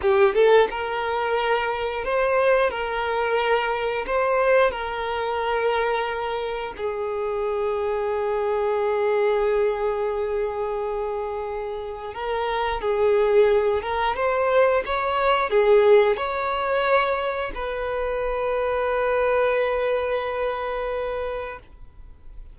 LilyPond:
\new Staff \with { instrumentName = "violin" } { \time 4/4 \tempo 4 = 89 g'8 a'8 ais'2 c''4 | ais'2 c''4 ais'4~ | ais'2 gis'2~ | gis'1~ |
gis'2 ais'4 gis'4~ | gis'8 ais'8 c''4 cis''4 gis'4 | cis''2 b'2~ | b'1 | }